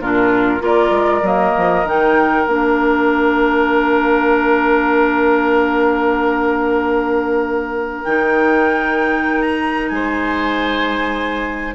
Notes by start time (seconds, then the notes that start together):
0.00 A#2 D4 F4 A#4
0.60 A#3 F4 A#4
0.66 D5
0.91 G#3
1.23 F#3 A#3 D#5
1.58 F3
1.85 D#3 D#4 G5
2.47 A#3 D4 F5
8.05 D#3 D#4 G5
9.42 A#5
9.89 G#3 C5 G#5